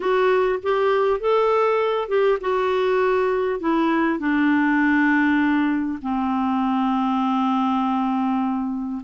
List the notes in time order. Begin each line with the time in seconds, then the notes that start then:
0.00 F#4
0.62 G4
1.20 A4
2.08 G4
2.41 F#4
3.60 E4
4.19 D4
6.02 C4